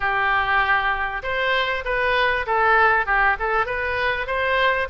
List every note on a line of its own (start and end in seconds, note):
0.00 1.22 G4
1.22 1.84 C5
1.85 2.46 B4
2.46 3.06 A4
3.06 3.36 G4
3.39 3.66 A4
3.66 4.27 B4
4.27 4.88 C5